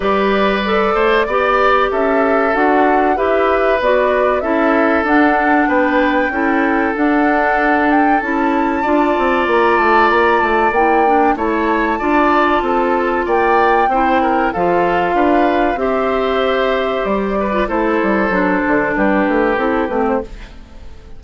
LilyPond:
<<
  \new Staff \with { instrumentName = "flute" } { \time 4/4 \tempo 4 = 95 d''2. e''4 | fis''4 e''4 d''4 e''4 | fis''4 g''2 fis''4~ | fis''8 g''8 a''2 ais''8 a''8 |
ais''8 a''8 g''4 a''2~ | a''4 g''2 f''4~ | f''4 e''2 d''4 | c''2 b'4 a'8 b'16 c''16 | }
  \new Staff \with { instrumentName = "oboe" } { \time 4/4 b'4. c''8 d''4 a'4~ | a'4 b'2 a'4~ | a'4 b'4 a'2~ | a'2 d''2~ |
d''2 cis''4 d''4 | a'4 d''4 c''8 ais'8 a'4 | b'4 c''2~ c''8 b'8 | a'2 g'2 | }
  \new Staff \with { instrumentName = "clarinet" } { \time 4/4 g'4 a'4 g'2 | fis'4 g'4 fis'4 e'4 | d'2 e'4 d'4~ | d'4 e'4 f'2~ |
f'4 e'8 d'8 e'4 f'4~ | f'2 e'4 f'4~ | f'4 g'2~ g'8. f'16 | e'4 d'2 e'8 c'8 | }
  \new Staff \with { instrumentName = "bassoon" } { \time 4/4 g4. a8 b4 cis'4 | d'4 e'4 b4 cis'4 | d'4 b4 cis'4 d'4~ | d'4 cis'4 d'8 c'8 ais8 a8 |
ais8 a8 ais4 a4 d'4 | c'4 ais4 c'4 f4 | d'4 c'2 g4 | a8 g8 fis8 d8 g8 a8 c'8 a8 | }
>>